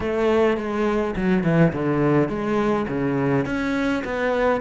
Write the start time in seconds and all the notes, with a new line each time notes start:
0.00 A3
0.57 G#3
1.16 F#3
1.43 E3
1.73 D3
2.28 G#3
2.88 C#3
3.45 C#4
4.04 B3